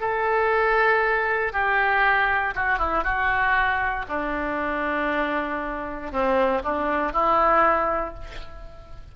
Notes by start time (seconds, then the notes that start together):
0.00 A4
1.53 G4
2.55 F#4
2.79 E4
3.04 F#4
4.08 D4
6.12 C4
6.63 D4
7.12 E4